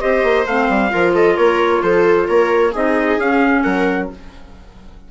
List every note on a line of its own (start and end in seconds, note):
0.00 0.23 C4
0.00 0.45 G4
0.00 0.92 C5
0.00 0.46 D#5
0.23 0.45 A#3
0.45 0.68 A3
0.45 0.89 C4
0.45 1.15 F5
0.69 0.91 G3
0.89 1.37 F3
0.89 2.71 F4
0.89 1.14 A#4
1.14 1.36 A4
1.14 1.37 D#5
1.36 1.82 A#3
1.36 1.82 A#4
1.36 1.82 C#5
1.82 2.28 F3
1.82 2.27 A4
1.82 2.28 C5
2.27 2.74 A#3
2.27 2.71 A#4
2.27 2.73 C#5
2.71 3.18 C4
2.71 3.20 D#4
2.71 3.62 G#4
2.71 3.20 D#5
3.18 3.63 C#4
3.18 4.11 C#4
3.18 3.62 F5
3.62 4.10 F#3
3.62 4.09 A#4
3.62 4.08 F#5